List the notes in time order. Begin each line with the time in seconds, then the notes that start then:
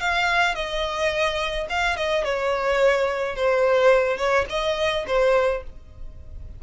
0.00 F5
0.55 D#5
1.69 F5
1.96 D#5
2.24 C#5
3.35 C5
4.17 C#5
4.49 D#5
5.07 C5